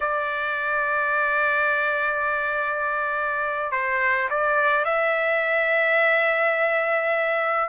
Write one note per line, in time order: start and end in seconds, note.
0.00 3.71 D5
3.71 4.28 C5
4.30 4.84 D5
4.84 7.69 E5